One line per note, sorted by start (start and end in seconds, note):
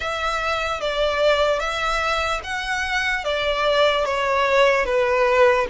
0.00 0.80 E5
0.80 1.59 D5
1.59 2.40 E5
2.43 3.24 F#5
3.24 4.05 D5
4.05 4.85 C#5
4.85 5.66 B4